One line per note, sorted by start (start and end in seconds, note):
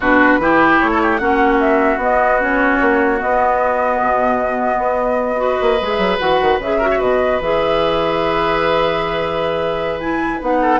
0.00 0.39 B2
0.00 0.41 D4
0.00 0.39 F#4
0.00 0.80 B4
0.39 0.79 E3
0.39 1.19 E4
0.39 0.90 G4
0.80 1.20 A3
0.80 1.18 C#5
0.90 1.00 A4
1.02 1.20 G4
1.18 1.97 A#3
1.18 1.99 C#4
1.18 5.39 F#4
1.18 1.58 F#5
1.59 1.99 E5
1.97 2.77 B3
1.97 2.40 B3
1.97 2.41 D#5
2.40 3.19 C#4
2.40 3.20 C#5
2.81 3.21 A#3
3.19 5.37 B3
3.19 4.01 B3
3.19 5.88 D#5
4.01 4.77 B2
4.77 5.57 B3
5.37 5.77 F#4
5.37 6.78 B4
5.60 5.80 A#3
5.81 5.97 G#3
5.81 6.19 G#4
5.88 6.18 E5
5.97 6.17 F#3
6.18 6.41 E3
6.18 6.59 F#4
6.18 6.58 F#5
6.41 6.58 D#3
6.58 6.98 C#3
6.58 6.81 G#4
6.58 7.00 E5
6.78 7.41 F#4
6.78 6.88 A#4
6.91 6.98 C#5
6.98 7.40 B2
6.98 10.58 B4
6.98 7.40 D#5
7.40 10.40 E3
7.40 10.01 G#4
7.40 10.00 E5
10.00 10.41 E4
10.00 10.40 G#5
10.41 10.79 B3
10.41 10.79 D#4
10.41 10.79 F#5
10.61 10.79 A4